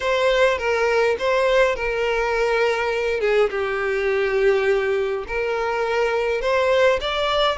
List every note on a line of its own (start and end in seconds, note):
0.00 0.57 C5
0.58 1.16 A#4
1.18 1.75 C5
1.75 3.20 A#4
3.20 3.49 G#4
3.50 5.24 G4
5.27 6.41 A#4
6.41 6.99 C5
7.00 7.57 D5